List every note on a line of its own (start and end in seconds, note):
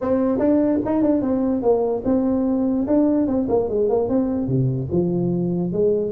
0.01 0.39 C4
0.39 0.79 D4
0.85 1.02 D#4
1.02 1.21 D4
1.21 1.62 C4
1.62 2.02 A#3
2.04 2.86 C4
2.87 3.27 D4
3.27 3.47 C4
3.48 3.68 A#3
3.68 3.89 G#3
3.89 4.09 A#3
4.09 4.47 C4
4.47 4.88 C3
4.91 5.72 F3
5.72 6.11 G#3